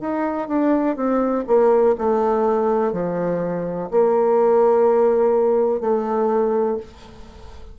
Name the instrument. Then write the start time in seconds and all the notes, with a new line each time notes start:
bassoon
0.00 D#4
0.48 D4
0.95 C4
1.47 A#3
1.98 A3
2.92 F3
3.91 A#3
5.80 A3